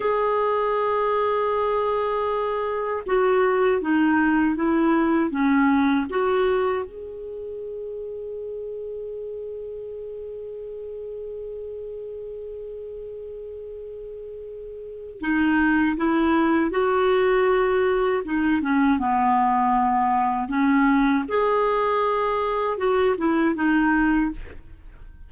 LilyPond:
\new Staff \with { instrumentName = "clarinet" } { \time 4/4 \tempo 4 = 79 gis'1 | fis'4 dis'4 e'4 cis'4 | fis'4 gis'2.~ | gis'1~ |
gis'1 | dis'4 e'4 fis'2 | dis'8 cis'8 b2 cis'4 | gis'2 fis'8 e'8 dis'4 | }